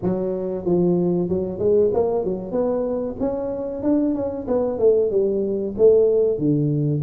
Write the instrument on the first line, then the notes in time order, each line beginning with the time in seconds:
tuba
0.02 F#3
0.65 F3
1.29 F#3
1.58 G#3
1.93 A#3
2.24 F#3
2.51 B3
3.20 C#4
3.83 D4
4.15 C#4
4.47 B3
4.78 A3
5.11 G3
5.77 A3
6.38 D3